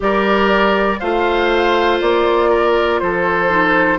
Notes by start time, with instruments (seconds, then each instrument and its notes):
0.00 bassoon G3, clarinet G4, oboe A#4, flute D5
0.99 bassoon A3, clarinet F4, oboe C5, flute F5
2.00 bassoon A#3, flute D5
2.49 oboe A#4
2.99 bassoon F3, oboe A4, flute C5
3.49 clarinet D#4